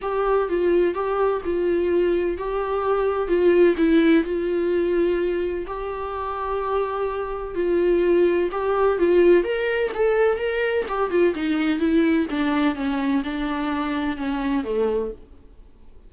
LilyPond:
\new Staff \with { instrumentName = "viola" } { \time 4/4 \tempo 4 = 127 g'4 f'4 g'4 f'4~ | f'4 g'2 f'4 | e'4 f'2. | g'1 |
f'2 g'4 f'4 | ais'4 a'4 ais'4 g'8 f'8 | dis'4 e'4 d'4 cis'4 | d'2 cis'4 a4 | }